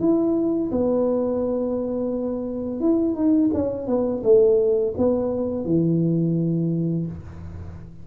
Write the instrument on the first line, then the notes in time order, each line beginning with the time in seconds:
tuba
0.00 E4
0.71 B3
2.80 E4
3.15 D#4
3.54 C#4
3.87 B3
4.24 A3
4.98 B3
5.65 E3